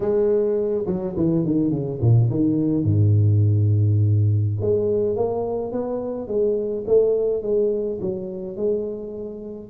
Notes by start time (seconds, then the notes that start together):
0.00 G#3
0.86 F#3
1.16 E3
1.45 D#3
1.70 C#3
2.01 A#2
2.30 D#3
2.84 G#2
4.61 G#3
5.16 A#3
5.71 B3
6.27 G#3
6.86 A3
7.42 G#3
8.00 F#3
8.56 G#3